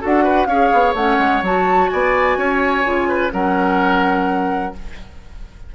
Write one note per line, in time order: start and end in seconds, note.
0.00 0.46 D4
0.00 0.47 F#4
0.00 0.23 A4
0.00 0.46 F#5
0.23 0.47 B4
0.46 0.70 C#4
0.46 0.96 G#4
0.46 1.90 C#5
0.46 0.93 F5
0.73 0.94 B3
0.94 1.17 A3
0.94 1.44 C#4
0.94 1.43 F#5
1.19 1.42 G#3
1.42 1.89 F#3
1.42 2.84 F#4
1.42 1.89 A5
1.89 2.37 B3
1.89 2.38 D5
1.89 3.31 G#5
2.37 2.84 C#4
2.37 3.08 C#5
2.84 3.33 C#3
2.84 3.31 F4
3.08 3.32 B4
3.31 4.74 F#3
3.31 4.73 C#4
3.31 4.74 A#4
3.31 4.75 F#5